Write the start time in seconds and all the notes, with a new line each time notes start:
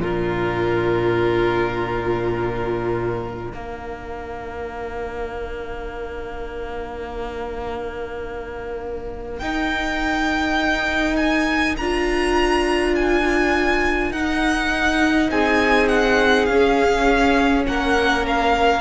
0.00 A#2 D4 F4 A#4
3.53 A#3 A#4 F5
9.39 D#4 G5
11.17 G#5
11.77 D4 F4 A#5
12.96 G#5
14.11 D#4 F#5
15.31 C4 G#4 G#5
15.88 F#5
16.46 C#4 F5
17.67 A#3 A#4 F#5
18.28 F5